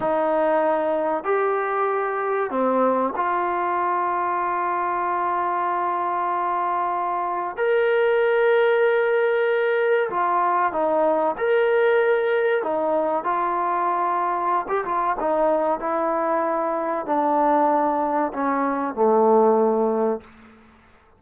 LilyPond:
\new Staff \with { instrumentName = "trombone" } { \time 4/4 \tempo 4 = 95 dis'2 g'2 | c'4 f'2.~ | f'1 | ais'1 |
f'4 dis'4 ais'2 | dis'4 f'2~ f'16 g'16 f'8 | dis'4 e'2 d'4~ | d'4 cis'4 a2 | }